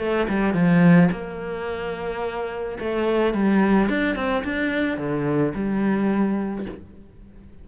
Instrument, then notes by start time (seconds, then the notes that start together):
cello
0.00 A3
0.29 G3
0.54 F3
1.12 A#3
2.80 A3
3.34 G3
3.89 D4
4.16 C4
4.45 D4
4.98 D3
5.55 G3